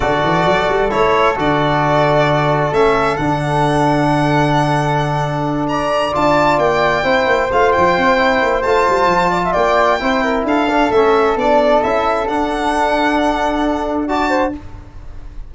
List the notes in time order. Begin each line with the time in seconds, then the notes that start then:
0.00 D3 F#4 A4 D5
0.23 E3
0.45 F#3
0.68 G3
0.90 A3 E4 C#5
1.36 D3 F#4 D5
2.71 A3 C#4 E5
3.16 D3 D4 F#5
5.68 D5 A#5
6.12 D4 F4 A5
6.58 A#3 G5
7.03 C4 E4 C5
7.26 A#3
7.52 A3 F4 F5
7.71 F3 G5
7.97 C4
8.17 E4
8.42 A#3
8.62 A3 F4 A5
8.88 G3
9.06 F3
9.29 D5
9.43 E5
9.52 A#3 D5 G5
9.99 C4 E4 C5
10.23 A#4
10.44 D4 A4 F5
10.70 D4
10.90 A3 C#4 E5
11.35 B3 D4 D5
11.82 C#4 E4 E5
12.26 D4 F#5
14.07 F#4 D5 A5
14.29 C5